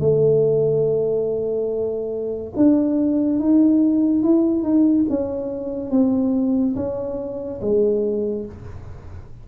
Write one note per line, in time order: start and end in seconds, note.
0.00 2.54 A3
2.56 3.40 D4
3.40 4.23 D#4
4.23 4.63 E4
4.63 5.06 D#4
5.10 5.91 C#4
5.91 6.75 C4
6.76 7.61 C#4
7.61 8.46 G#3